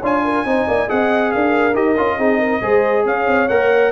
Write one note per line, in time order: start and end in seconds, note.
0.00 0.45 D4
0.00 0.46 F4
0.00 0.22 C#5
0.00 0.90 G#5
0.24 0.46 A#4
0.45 0.67 C4
0.45 0.88 D#4
0.45 0.68 C5
0.68 0.90 A#3
0.68 0.89 D5
0.88 1.35 C4
0.88 1.74 G#4
0.88 1.33 D#5
0.88 1.32 F#5
1.32 1.75 D4
1.32 2.18 A#4
1.32 1.75 F5
1.74 1.96 D#4
1.74 1.95 G4
1.74 3.06 D#5
1.97 2.18 C#4
1.97 2.19 F4
2.18 2.62 C4
2.18 2.62 D#4
2.18 2.39 G#4
2.39 2.61 A#4
2.62 3.05 G#3
2.62 3.49 G#4
2.62 3.05 C5
3.06 3.27 C#4
3.06 3.92 C#5
3.06 3.49 F5
3.27 3.49 C4
3.49 3.92 A#3
3.49 3.92 A#4
3.49 3.92 F#5